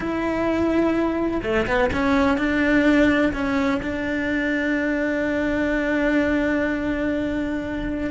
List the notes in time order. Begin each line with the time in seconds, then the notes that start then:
0.00 E4
1.42 A3
1.66 B3
1.92 C#4
2.37 D4
3.33 C#4
3.82 D4